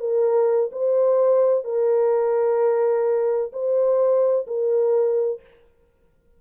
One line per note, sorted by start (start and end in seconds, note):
0.00 0.70 A#4
0.72 1.64 C5
1.64 3.52 A#4
3.53 4.46 C5
4.47 5.41 A#4